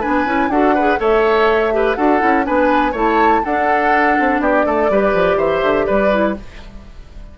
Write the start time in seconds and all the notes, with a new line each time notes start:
0.00 D4 B4 G#5
0.07 B3
0.25 C#4 E4
0.48 D4 F#4 A4 F#5
0.74 G#4 B4
0.97 A3 A4 C#5 E5
1.72 G4 B4
1.95 D4 F#4 A4 F#5
2.19 C#4 E4
2.43 B3 D4 B4 G#5
2.91 A3 E4 C#5 A5
3.44 D4 A4 F#5
4.19 C4
4.40 B3 G4 D5
4.66 A3 A4
4.89 G3 G4 B4
5.13 F3
5.36 E3 C5 E5
5.62 D3
5.85 G3 B4 D5
6.10 E4